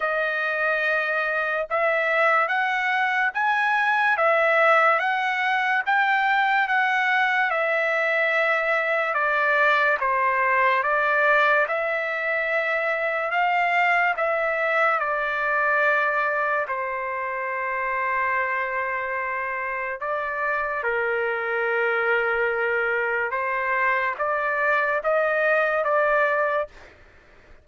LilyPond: \new Staff \with { instrumentName = "trumpet" } { \time 4/4 \tempo 4 = 72 dis''2 e''4 fis''4 | gis''4 e''4 fis''4 g''4 | fis''4 e''2 d''4 | c''4 d''4 e''2 |
f''4 e''4 d''2 | c''1 | d''4 ais'2. | c''4 d''4 dis''4 d''4 | }